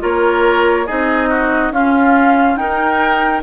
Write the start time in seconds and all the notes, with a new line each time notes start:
0.00 A#3 F4 A#4 C#5
0.86 C4 D#4 G#4 D#5
1.29 F#4
1.71 C#4 F4 F5
2.56 D#4 A#4 G5